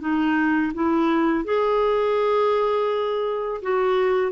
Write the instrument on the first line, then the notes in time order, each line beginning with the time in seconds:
clarinet
0.00 D#4
0.74 E4
1.45 G#4
3.62 F#4